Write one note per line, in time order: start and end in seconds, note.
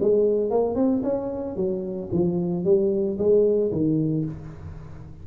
0.00 0.50 G#3
0.50 0.75 A#3
0.75 1.02 C4
1.03 1.56 C#4
1.56 2.09 F#3
2.12 2.64 F3
2.64 3.17 G3
3.18 3.71 G#3
3.72 4.25 D#3